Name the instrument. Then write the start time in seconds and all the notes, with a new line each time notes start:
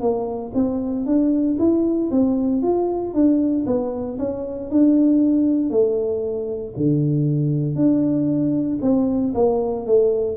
tuba
0.00 A#3
0.55 C4
1.06 D4
1.58 E4
2.11 C4
2.62 F4
3.14 D4
3.66 B3
4.18 C#4
4.70 D4
5.70 A3
6.77 D3
7.75 D4
8.82 C4
9.34 A#3
9.86 A3